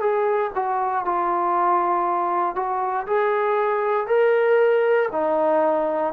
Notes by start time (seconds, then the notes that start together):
0.00 G#4
0.55 F#4
1.05 F4
2.55 F#4
3.06 G#4
4.07 A#4
5.12 D#4